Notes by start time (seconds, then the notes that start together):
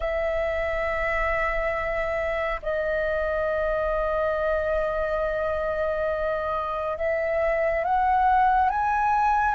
0.00 E5
2.62 D#5
6.97 E5
7.83 F#5
8.69 G#5